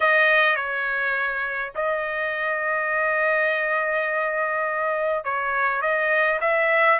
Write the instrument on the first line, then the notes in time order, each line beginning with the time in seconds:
trumpet
0.00 D#5
0.56 C#5
1.75 D#5
5.24 C#5
5.81 D#5
6.41 E5